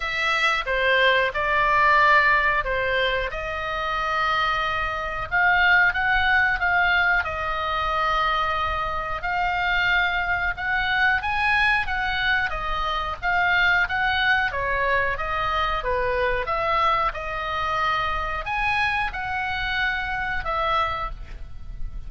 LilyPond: \new Staff \with { instrumentName = "oboe" } { \time 4/4 \tempo 4 = 91 e''4 c''4 d''2 | c''4 dis''2. | f''4 fis''4 f''4 dis''4~ | dis''2 f''2 |
fis''4 gis''4 fis''4 dis''4 | f''4 fis''4 cis''4 dis''4 | b'4 e''4 dis''2 | gis''4 fis''2 e''4 | }